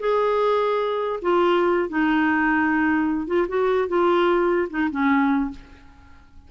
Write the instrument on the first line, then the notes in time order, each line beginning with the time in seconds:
clarinet
0.00 G#4
1.22 F4
1.89 D#4
3.27 F4
3.48 F#4
3.88 F4
4.70 D#4
4.91 C#4